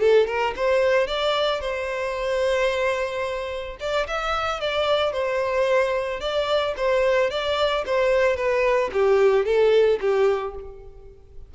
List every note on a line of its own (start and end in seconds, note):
0.00 0.27 A4
0.27 0.54 A#4
0.56 1.07 C5
1.07 1.61 D5
1.61 3.77 C5
3.80 4.07 D5
4.08 4.61 E5
4.61 5.12 D5
5.12 6.20 C5
6.21 6.75 D5
6.77 7.30 C5
7.30 7.85 D5
7.86 8.36 C5
8.36 8.90 B4
8.93 9.45 G4
9.45 9.99 A4
10.01 10.55 G4